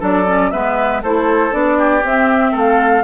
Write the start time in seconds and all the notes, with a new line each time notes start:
0.00 F#3 D4 A4 D5
0.27 C#4
0.51 G#3 B3 B4 E5
1.03 A3 E4 A4 C5
1.52 B3 D4 D5
1.79 G4
2.02 C4 E5
2.52 A3 A4
2.59 F5